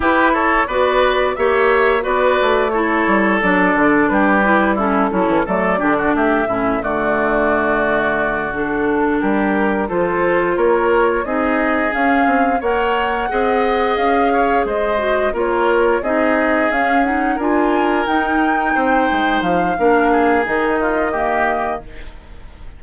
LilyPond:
<<
  \new Staff \with { instrumentName = "flute" } { \time 4/4 \tempo 4 = 88 b'8 cis''8 d''4 e''4 d''4 | cis''4 d''4 b'4 a'4 | d''4 e''4 d''2~ | d''8 a'4 ais'4 c''4 cis''8~ |
cis''8 dis''4 f''4 fis''4.~ | fis''8 f''4 dis''4 cis''4 dis''8~ | dis''8 f''8 fis''8 gis''4 g''4.~ | g''8 f''4. dis''2 | }
  \new Staff \with { instrumentName = "oboe" } { \time 4/4 g'8 a'8 b'4 cis''4 b'4 | a'2 g'4 e'8 cis'8 | a'8 g'16 fis'16 g'8 e'8 fis'2~ | fis'4. g'4 a'4 ais'8~ |
ais'8 gis'2 cis''4 dis''8~ | dis''4 cis''8 c''4 ais'4 gis'8~ | gis'4. ais'2 c''8~ | c''4 ais'8 gis'4 f'8 g'4 | }
  \new Staff \with { instrumentName = "clarinet" } { \time 4/4 e'4 fis'4 g'4 fis'4 | e'4 d'4. e'8 cis'8 e'8 | a8 d'4 cis'8 a2~ | a8 d'2 f'4.~ |
f'8 dis'4 cis'4 ais'4 gis'8~ | gis'2 fis'8 f'4 dis'8~ | dis'8 cis'8 dis'8 f'4 dis'4.~ | dis'4 d'4 dis'4 ais4 | }
  \new Staff \with { instrumentName = "bassoon" } { \time 4/4 e'4 b4 ais4 b8 a8~ | a8 g8 fis8 d8 g4. fis16 e16 | fis8 d8 a8 a,8 d2~ | d4. g4 f4 ais8~ |
ais8 c'4 cis'8 c'8 ais4 c'8~ | c'8 cis'4 gis4 ais4 c'8~ | c'8 cis'4 d'4 dis'4 c'8 | gis8 f8 ais4 dis2 | }
>>